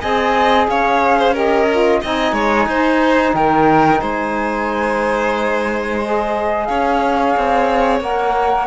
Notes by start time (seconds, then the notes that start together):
0.00 C4 G#4 D#5 G#5
0.68 C#4 C#5 F5
1.19 C5
1.33 G4 A#4 D#5
1.72 F4
2.02 C4 D#4 D#5 G#5
2.33 G#3 C#5
2.67 D#4 C5
3.34 D#3 A#4 G5
4.01 G#3 C5 G#5
6.02 G#4 D#5
6.66 C#4 C#5 F5
7.37 C4
8.01 A#3 A#4 F#5